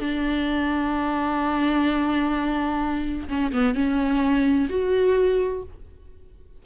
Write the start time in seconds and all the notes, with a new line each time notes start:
0.00 D4
3.29 C#4
3.52 B3
3.75 C#4
4.69 F#4